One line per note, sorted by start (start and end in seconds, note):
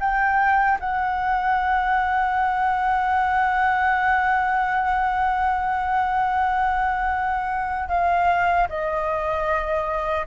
0.00 0.79 G5
0.80 7.89 F#5
7.89 8.68 F5
8.69 10.27 D#5